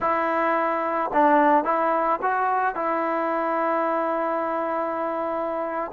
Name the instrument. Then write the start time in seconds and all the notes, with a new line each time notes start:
trombone
0.00 E4
1.13 D4
1.64 E4
2.21 F#4
2.75 E4